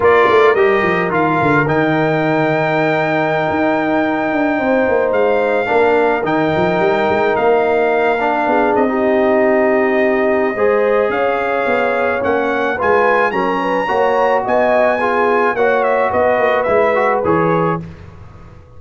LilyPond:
<<
  \new Staff \with { instrumentName = "trumpet" } { \time 4/4 \tempo 4 = 108 d''4 dis''4 f''4 g''4~ | g''1~ | g''4~ g''16 f''2 g''8.~ | g''4~ g''16 f''2~ f''8 dis''16~ |
dis''1 | f''2 fis''4 gis''4 | ais''2 gis''2 | fis''8 e''8 dis''4 e''4 cis''4 | }
  \new Staff \with { instrumentName = "horn" } { \time 4/4 ais'1~ | ais'1~ | ais'16 c''2 ais'4.~ ais'16~ | ais'2.~ ais'16 gis'8. |
g'2. c''4 | cis''2. b'4 | ais'8 b'8 cis''4 dis''4 gis'4 | cis''4 b'2. | }
  \new Staff \with { instrumentName = "trombone" } { \time 4/4 f'4 g'4 f'4 dis'4~ | dis'1~ | dis'2~ dis'16 d'4 dis'8.~ | dis'2~ dis'8. d'4~ d'16 |
dis'2. gis'4~ | gis'2 cis'4 f'4 | cis'4 fis'2 f'4 | fis'2 e'8 fis'8 gis'4 | }
  \new Staff \with { instrumentName = "tuba" } { \time 4/4 ais8 a8 g8 f8 dis8 d8 dis4~ | dis2~ dis16 dis'4. d'16~ | d'16 c'8 ais8 gis4 ais4 dis8 f16~ | f16 g8 gis8 ais2 b8 c'16~ |
c'2. gis4 | cis'4 b4 ais4 gis4 | fis4 ais4 b2 | ais4 b8 ais8 gis4 e4 | }
>>